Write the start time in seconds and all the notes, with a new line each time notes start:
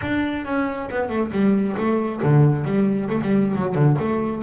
0.01 D4
0.45 C#4
0.90 B3
1.09 A3
1.31 G3
1.77 A3
2.22 D3
2.65 G3
3.09 A3
3.21 G3
3.55 F#3
3.74 D3
3.99 A3